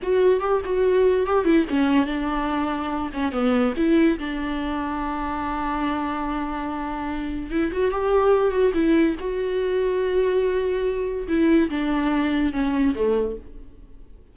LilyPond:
\new Staff \with { instrumentName = "viola" } { \time 4/4 \tempo 4 = 144 fis'4 g'8 fis'4. g'8 e'8 | cis'4 d'2~ d'8 cis'8 | b4 e'4 d'2~ | d'1~ |
d'2 e'8 fis'8 g'4~ | g'8 fis'8 e'4 fis'2~ | fis'2. e'4 | d'2 cis'4 a4 | }